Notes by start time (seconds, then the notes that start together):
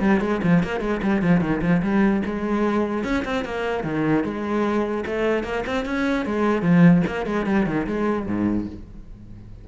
0.00 G3
0.20 G#3
0.43 F3
0.63 A#3
0.81 G#3
1.02 G3
1.22 F3
1.41 D#3
1.61 F3
1.82 G3
2.25 G#3
3.04 C#4
3.25 C4
3.45 A#3
3.84 D#3
4.24 G#3
5.06 A3
5.44 A#3
5.66 C4
5.85 C#4
6.26 G#3
6.62 F3
7.07 A#3
7.26 G#3
7.46 G3
7.66 D#3
7.87 G#3
8.26 G#2